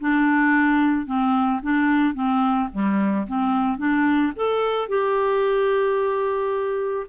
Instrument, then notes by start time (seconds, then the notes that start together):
clarinet
0.00 D4
1.06 C4
1.62 D4
2.14 C4
2.72 G3
3.27 C4
3.78 D4
4.36 A4
4.88 G4